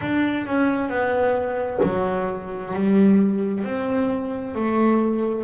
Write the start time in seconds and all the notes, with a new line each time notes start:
0.01 D4
0.46 C#4
0.88 B3
1.82 F#3
2.73 G3
3.64 C4
4.55 A3